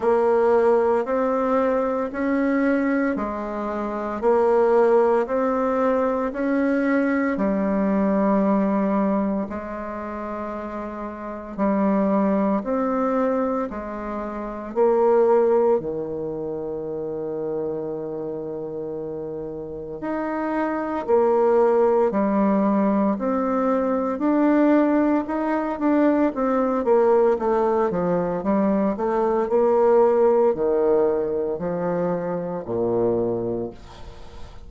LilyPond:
\new Staff \with { instrumentName = "bassoon" } { \time 4/4 \tempo 4 = 57 ais4 c'4 cis'4 gis4 | ais4 c'4 cis'4 g4~ | g4 gis2 g4 | c'4 gis4 ais4 dis4~ |
dis2. dis'4 | ais4 g4 c'4 d'4 | dis'8 d'8 c'8 ais8 a8 f8 g8 a8 | ais4 dis4 f4 ais,4 | }